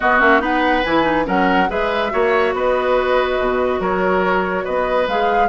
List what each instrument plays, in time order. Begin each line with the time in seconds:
0.00 clarinet B3, bassoon B3, oboe F#4, flute D#5
0.19 bassoon A#3, clarinet C#4, flute E5
0.39 bassoon B3, clarinet D#4, oboe B4, flute F#5
0.83 bassoon E3, clarinet E4, flute G#5
1.03 clarinet D#4
1.24 bassoon F#3, clarinet C#4, oboe A#4, flute F#5
1.68 bassoon G#3, clarinet G#4, oboe B4, flute E5
2.10 bassoon A#3, clarinet F#4, oboe C#5
2.53 bassoon B3, oboe B4, flute D#5
3.39 bassoon B2
3.79 bassoon F#3, oboe A#4, flute C#5
4.64 bassoon B3, oboe B4, flute D#5
5.07 bassoon G#3, clarinet G#4, flute F5